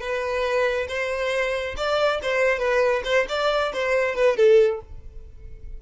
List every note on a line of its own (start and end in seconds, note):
0.00 0.87 B4
0.88 1.75 C5
1.76 2.20 D5
2.22 2.59 C5
2.59 3.02 B4
3.04 3.26 C5
3.29 3.72 D5
3.73 4.15 C5
4.15 4.37 B4
4.37 4.80 A4